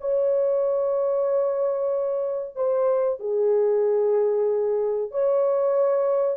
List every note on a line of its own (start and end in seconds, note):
0.00 2.55 C#5
2.55 3.19 C5
3.19 5.11 G#4
5.11 6.37 C#5